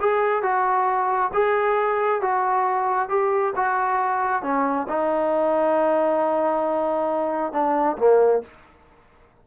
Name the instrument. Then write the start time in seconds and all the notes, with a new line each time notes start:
trombone
0.00 G#4
0.42 F#4
1.33 G#4
2.21 F#4
3.09 G4
3.56 F#4
4.42 C#4
4.88 D#4
7.53 D4
7.98 A#3